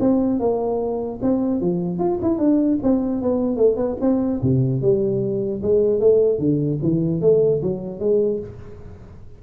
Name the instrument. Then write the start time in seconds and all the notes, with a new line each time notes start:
tuba
0.00 C4
0.40 A#3
1.22 C4
1.61 F3
1.99 F4
2.22 E4
2.39 D4
2.83 C4
3.22 B3
3.57 A3
3.77 B3
4.01 C4
4.42 C3
4.82 G3
5.62 G#3
6.00 A3
6.39 D3
6.82 E3
7.21 A3
7.63 F#3
7.99 G#3